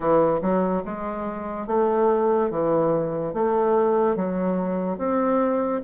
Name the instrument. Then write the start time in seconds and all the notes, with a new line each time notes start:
bassoon
0.00 E3
0.41 F#3
0.84 G#3
1.67 A3
2.50 E3
3.33 A3
4.16 F#3
4.98 C4